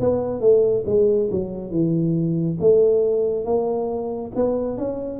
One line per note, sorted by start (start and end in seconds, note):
0.00 0.40 B3
0.40 0.84 A3
0.86 1.30 G#3
1.31 1.71 F#3
1.71 2.58 E3
2.60 3.45 A3
3.45 4.32 A#3
4.36 4.78 B3
4.78 5.20 C#4